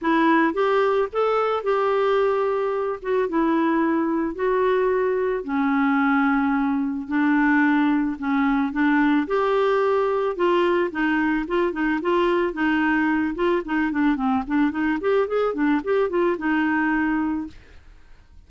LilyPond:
\new Staff \with { instrumentName = "clarinet" } { \time 4/4 \tempo 4 = 110 e'4 g'4 a'4 g'4~ | g'4. fis'8 e'2 | fis'2 cis'2~ | cis'4 d'2 cis'4 |
d'4 g'2 f'4 | dis'4 f'8 dis'8 f'4 dis'4~ | dis'8 f'8 dis'8 d'8 c'8 d'8 dis'8 g'8 | gis'8 d'8 g'8 f'8 dis'2 | }